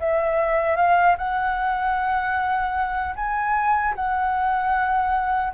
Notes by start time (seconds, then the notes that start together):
0.00 E5
0.77 F5
1.18 F#5
3.16 G#5
3.95 F#5